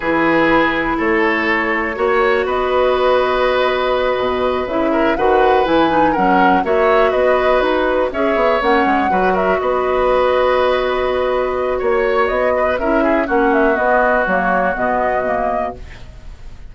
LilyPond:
<<
  \new Staff \with { instrumentName = "flute" } { \time 4/4 \tempo 4 = 122 b'2 cis''2~ | cis''4 dis''2.~ | dis''4. e''4 fis''4 gis''8~ | gis''8 fis''4 e''4 dis''4 b'8~ |
b'8 e''4 fis''4. e''8 dis''8~ | dis''1 | cis''4 dis''4 e''4 fis''8 e''8 | dis''4 cis''4 dis''2 | }
  \new Staff \with { instrumentName = "oboe" } { \time 4/4 gis'2 a'2 | cis''4 b'2.~ | b'2 ais'8 b'4.~ | b'8 ais'4 cis''4 b'4.~ |
b'8 cis''2 b'8 ais'8 b'8~ | b'1 | cis''4. b'8 ais'8 gis'8 fis'4~ | fis'1 | }
  \new Staff \with { instrumentName = "clarinet" } { \time 4/4 e'1 | fis'1~ | fis'4. e'4 fis'4 e'8 | dis'8 cis'4 fis'2~ fis'8~ |
fis'8 gis'4 cis'4 fis'4.~ | fis'1~ | fis'2 e'4 cis'4 | b4 ais4 b4 ais4 | }
  \new Staff \with { instrumentName = "bassoon" } { \time 4/4 e2 a2 | ais4 b2.~ | b8 b,4 cis4 dis4 e8~ | e8 fis4 ais4 b4 dis'8~ |
dis'8 cis'8 b8 ais8 gis8 fis4 b8~ | b1 | ais4 b4 cis'4 ais4 | b4 fis4 b,2 | }
>>